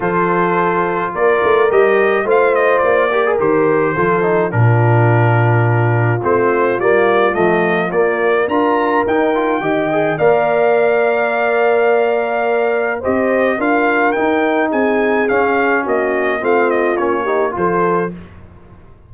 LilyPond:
<<
  \new Staff \with { instrumentName = "trumpet" } { \time 4/4 \tempo 4 = 106 c''2 d''4 dis''4 | f''8 dis''8 d''4 c''2 | ais'2. c''4 | d''4 dis''4 d''4 ais''4 |
g''2 f''2~ | f''2. dis''4 | f''4 g''4 gis''4 f''4 | dis''4 f''8 dis''8 cis''4 c''4 | }
  \new Staff \with { instrumentName = "horn" } { \time 4/4 a'2 ais'2 | c''4. ais'4. a'4 | f'1~ | f'2. ais'4~ |
ais'4 dis''4 d''2~ | d''2. c''4 | ais'2 gis'2 | fis'4 f'4. g'8 a'4 | }
  \new Staff \with { instrumentName = "trombone" } { \time 4/4 f'2. g'4 | f'4. g'16 gis'16 g'4 f'8 dis'8 | d'2. c'4 | ais4 a4 ais4 f'4 |
dis'8 f'8 g'8 gis'8 ais'2~ | ais'2. g'4 | f'4 dis'2 cis'4~ | cis'4 c'4 cis'8 dis'8 f'4 | }
  \new Staff \with { instrumentName = "tuba" } { \time 4/4 f2 ais8 a8 g4 | a4 ais4 dis4 f4 | ais,2. a4 | g4 f4 ais4 d'4 |
dis'4 dis4 ais2~ | ais2. c'4 | d'4 dis'4 c'4 cis'4 | ais4 a4 ais4 f4 | }
>>